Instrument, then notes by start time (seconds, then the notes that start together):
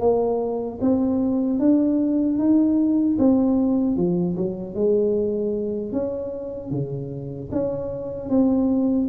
tuba
0.00 A#3
0.81 C4
1.60 D4
2.39 D#4
3.19 C4
3.97 F3
4.37 F#3
4.75 G#3
5.93 C#4
6.71 C#3
7.52 C#4
8.30 C4